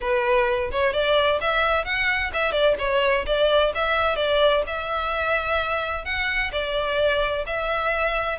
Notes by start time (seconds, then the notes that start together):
0.00 B4
0.71 C#5
0.93 D5
1.40 E5
1.84 F#5
2.33 E5
2.52 D5
2.79 C#5
3.26 D5
3.74 E5
4.16 D5
4.66 E5
6.04 F#5
6.51 D5
7.46 E5